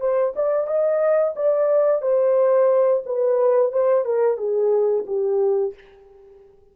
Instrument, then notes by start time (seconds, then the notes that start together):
horn
0.00 C5
0.36 D5
0.67 D#5
1.36 D5
2.02 C5
3.06 B4
3.72 C5
4.05 A#4
4.37 G#4
5.07 G4